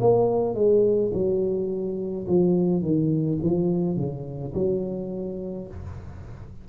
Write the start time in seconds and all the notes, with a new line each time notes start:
0.00 A#3
0.55 G#3
1.13 F#3
2.27 F3
2.81 D#3
3.42 F3
3.97 C#3
4.54 F#3